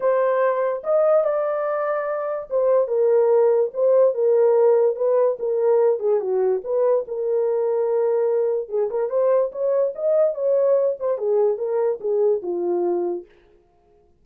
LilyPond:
\new Staff \with { instrumentName = "horn" } { \time 4/4 \tempo 4 = 145 c''2 dis''4 d''4~ | d''2 c''4 ais'4~ | ais'4 c''4 ais'2 | b'4 ais'4. gis'8 fis'4 |
b'4 ais'2.~ | ais'4 gis'8 ais'8 c''4 cis''4 | dis''4 cis''4. c''8 gis'4 | ais'4 gis'4 f'2 | }